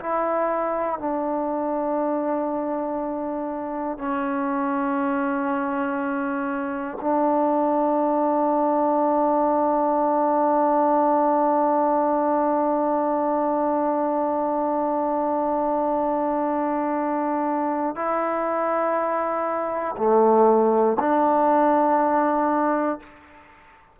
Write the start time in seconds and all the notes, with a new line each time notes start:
0.00 E4
0.99 D4
3.98 C#4
7.01 D4
17.96 E4
19.97 A3
21.00 D4